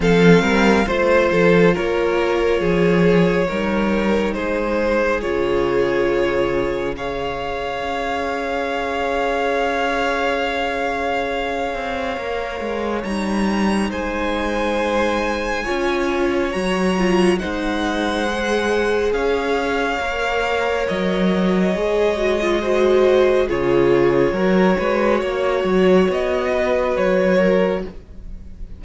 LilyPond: <<
  \new Staff \with { instrumentName = "violin" } { \time 4/4 \tempo 4 = 69 f''4 c''4 cis''2~ | cis''4 c''4 cis''2 | f''1~ | f''2. ais''4 |
gis''2. ais''4 | fis''2 f''2 | dis''2. cis''4~ | cis''2 dis''4 cis''4 | }
  \new Staff \with { instrumentName = "violin" } { \time 4/4 a'8 ais'8 c''8 a'8 ais'4 gis'4 | ais'4 gis'2. | cis''1~ | cis''1 |
c''2 cis''2 | c''2 cis''2~ | cis''2 c''4 gis'4 | ais'8 b'8 cis''4. b'4 ais'8 | }
  \new Staff \with { instrumentName = "viola" } { \time 4/4 c'4 f'2. | dis'2 f'2 | gis'1~ | gis'2 ais'4 dis'4~ |
dis'2 f'4 fis'8 f'8 | dis'4 gis'2 ais'4~ | ais'4 gis'8 fis'16 f'16 fis'4 f'4 | fis'1 | }
  \new Staff \with { instrumentName = "cello" } { \time 4/4 f8 g8 a8 f8 ais4 f4 | g4 gis4 cis2~ | cis4 cis'2.~ | cis'4. c'8 ais8 gis8 g4 |
gis2 cis'4 fis4 | gis2 cis'4 ais4 | fis4 gis2 cis4 | fis8 gis8 ais8 fis8 b4 fis4 | }
>>